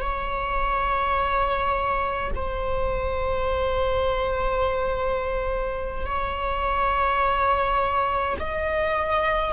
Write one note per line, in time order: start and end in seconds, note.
0.00 2.31 C#5
2.35 6.06 C5
6.06 8.37 C#5
8.39 9.52 D#5